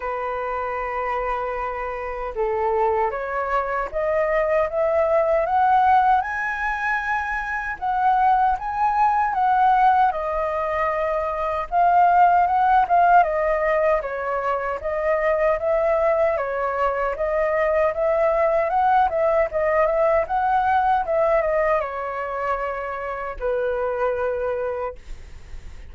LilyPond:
\new Staff \with { instrumentName = "flute" } { \time 4/4 \tempo 4 = 77 b'2. a'4 | cis''4 dis''4 e''4 fis''4 | gis''2 fis''4 gis''4 | fis''4 dis''2 f''4 |
fis''8 f''8 dis''4 cis''4 dis''4 | e''4 cis''4 dis''4 e''4 | fis''8 e''8 dis''8 e''8 fis''4 e''8 dis''8 | cis''2 b'2 | }